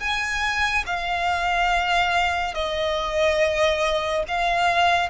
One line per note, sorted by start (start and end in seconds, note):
0.00 0.85 G#5
0.86 2.55 F5
2.55 4.24 D#5
4.28 5.10 F5